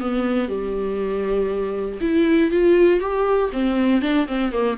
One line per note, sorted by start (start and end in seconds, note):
0.00 0.48 B3
0.48 2.00 G3
2.01 2.51 E4
2.51 3.00 F4
3.00 3.50 G4
3.52 4.02 C4
4.02 4.27 D4
4.27 4.52 C4
4.52 4.77 A#3